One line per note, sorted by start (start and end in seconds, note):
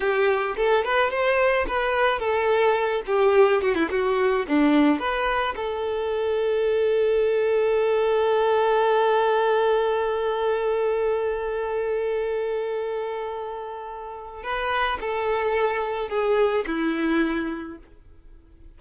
0.00 0.55 G4
0.56 0.84 A4
0.84 1.10 B4
1.10 1.66 C5
1.67 2.19 B4
2.19 3.02 A4
3.06 3.61 G4
3.61 3.74 F#4
3.74 3.88 E4
3.90 4.46 F#4
4.47 4.99 D4
4.99 5.54 B4
5.56 14.43 A4
14.43 14.98 B4
15.00 16.09 A4
16.09 16.64 G#4
16.66 17.78 E4